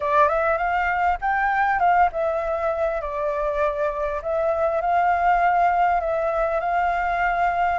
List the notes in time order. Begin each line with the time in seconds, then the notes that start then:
0.00 D5
0.28 E5
0.57 F5
1.21 G5
1.79 F5
2.12 E5
3.01 D5
4.22 E5
4.81 F5
6.00 E5
6.60 F5